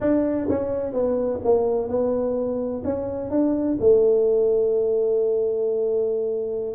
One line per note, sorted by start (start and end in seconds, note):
0.00 0.47 D4
0.49 0.92 C#4
0.92 1.40 B3
1.44 1.88 A#3
1.88 2.82 B3
2.84 3.30 C#4
3.30 3.77 D4
3.80 6.75 A3